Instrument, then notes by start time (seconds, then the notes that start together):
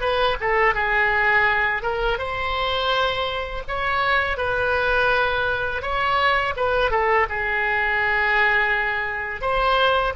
oboe
0.00 B4
0.40 A4
0.74 G#4
1.82 A#4
2.18 C5
3.68 C#5
4.37 B4
5.82 C#5
6.56 B4
6.90 A4
7.29 G#4
9.41 C5